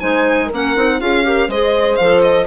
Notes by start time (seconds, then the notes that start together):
0.00 G#3 D#4 C5 G#5
0.46 A#4
0.53 A#3 C#4 F#5
0.76 C4 D#4
0.99 C#4 F4 G#4 F5
1.24 G4 A#4
1.48 G#3 G#4 C5 D#5
1.96 F3 A4 F5
2.22 D#5